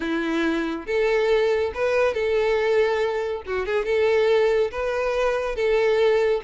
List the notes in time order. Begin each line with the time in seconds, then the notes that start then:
0.00 E4
0.86 A4
1.74 B4
2.14 A4
3.46 F#4
3.65 G#4
3.85 A4
4.71 B4
5.55 A4